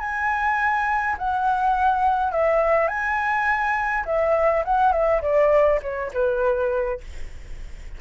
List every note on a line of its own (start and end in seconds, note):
0.00 1.17 G#5
1.19 2.32 F#5
2.32 2.88 E5
2.88 4.05 G#5
4.06 4.64 E5
4.65 4.92 F#5
4.92 5.22 E5
5.22 5.80 D5
5.83 6.12 C#5
6.14 7.01 B4